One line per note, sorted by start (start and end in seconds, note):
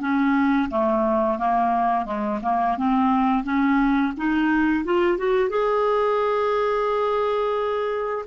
0.00 0.69 C#4
0.70 1.38 A3
1.38 2.05 A#3
2.05 2.39 G#3
2.43 2.77 A#3
2.77 3.44 C4
3.44 4.13 C#4
4.17 4.84 D#4
4.84 5.18 F4
5.18 5.49 F#4
5.49 8.25 G#4